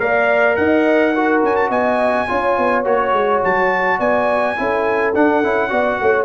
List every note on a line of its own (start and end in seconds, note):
0.00 0.57 A#3
0.00 1.14 A#4
0.00 0.59 D5
0.00 0.56 F5
0.56 1.44 D#4
0.56 1.14 D#5
0.56 1.42 F#5
1.14 2.28 F#4
1.14 1.70 A#4
1.44 1.70 C#4
1.44 1.56 G#5
1.56 1.70 A5
1.70 2.27 B3
1.70 2.27 D#5
1.70 2.86 G#5
2.28 2.58 C#4
2.28 2.85 F4
2.28 3.99 C#5
2.58 2.85 B3
2.85 3.13 A#3
2.85 4.56 F#4
2.85 3.43 C#5
3.13 3.42 G#3
3.45 4.00 F#3
3.45 4.00 A5
3.99 4.57 B3
3.99 4.56 D5
3.99 5.15 G#5
4.57 5.16 C#4
4.57 5.14 E4
4.57 5.70 A4
5.15 5.44 D4
5.15 6.25 F#5
5.44 5.72 C#4
5.44 5.70 E4
5.70 6.00 B3
5.70 6.25 F#4
5.70 5.99 D5
6.01 6.25 A3
6.01 6.25 C#5